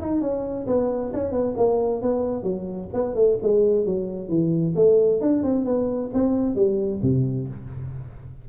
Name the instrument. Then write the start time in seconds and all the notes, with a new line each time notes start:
tuba
0.00 D#4
0.20 C#4
0.66 B3
1.13 C#4
1.31 B3
1.57 A#3
2.01 B3
2.43 F#3
2.93 B3
3.14 A3
3.42 G#3
3.85 F#3
4.28 E3
4.75 A3
5.20 D4
5.43 C4
5.64 B3
6.13 C4
6.55 G3
7.02 C3